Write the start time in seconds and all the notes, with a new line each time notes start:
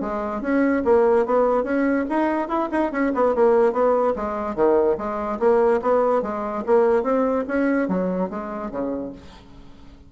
0.00 G#3
0.41 C#4
0.84 A#3
1.25 B3
1.63 C#4
2.09 D#4
2.48 E4
2.71 D#4
2.91 C#4
3.14 B3
3.35 A#3
3.72 B3
4.15 G#3
4.55 D#3
4.97 G#3
5.39 A#3
5.81 B3
6.22 G#3
6.66 A#3
7.03 C4
7.47 C#4
7.88 F#3
8.29 G#3
8.70 C#3